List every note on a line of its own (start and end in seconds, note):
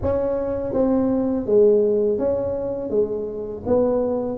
0.02 0.73 C#4
0.73 1.46 C4
1.46 2.18 G#3
2.18 2.89 C#4
2.89 3.63 G#3
3.66 4.37 B3